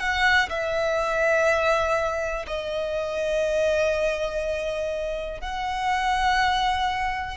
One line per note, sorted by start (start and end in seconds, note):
0.00 0.49 F#5
0.49 2.46 E5
2.47 5.41 D#5
5.41 7.37 F#5